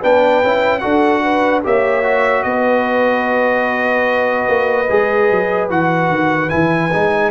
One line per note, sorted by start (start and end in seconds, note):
0.00 0.43 B3
0.00 0.43 D4
0.00 0.81 B4
0.00 0.79 G5
0.43 0.83 C#4
0.43 0.81 E4
0.79 1.65 D4
0.79 1.62 F#4
0.79 1.22 A4
0.79 1.60 F#5
1.23 1.64 B4
1.64 2.45 A#3
1.64 2.03 G4
1.64 2.45 C#5
1.64 2.43 E5
2.03 4.86 F#4
2.43 4.47 B3
2.43 7.31 B4
2.43 5.67 D#5
4.48 4.89 A#3
4.89 5.31 G#3
4.89 5.70 G#4
5.31 5.70 F#3
5.70 6.09 E3
5.70 6.49 F#4
5.70 6.49 F#5
6.09 6.49 D#3
6.49 6.94 E3
6.49 6.90 E4
6.49 7.31 G#5
6.93 7.31 G#3
6.93 7.31 D#4